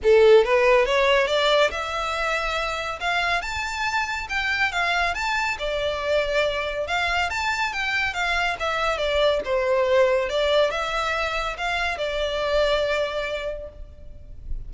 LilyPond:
\new Staff \with { instrumentName = "violin" } { \time 4/4 \tempo 4 = 140 a'4 b'4 cis''4 d''4 | e''2. f''4 | a''2 g''4 f''4 | a''4 d''2. |
f''4 a''4 g''4 f''4 | e''4 d''4 c''2 | d''4 e''2 f''4 | d''1 | }